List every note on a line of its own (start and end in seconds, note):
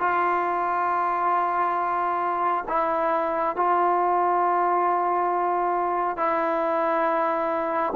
0.00 2.65 F4
2.68 3.56 E4
3.56 6.17 F4
6.17 7.93 E4